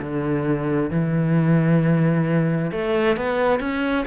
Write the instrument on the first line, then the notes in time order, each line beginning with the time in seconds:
cello
0.00 D3
0.90 E3
2.72 A3
3.17 B3
3.60 C#4